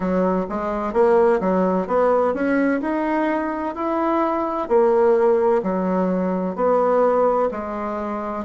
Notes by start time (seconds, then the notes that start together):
0.00 F#3
0.49 G#3
0.93 A#3
1.40 F#3
1.87 B3
2.34 C#4
2.81 D#4
3.75 E4
4.68 A#3
5.62 F#3
6.55 B3
7.51 G#3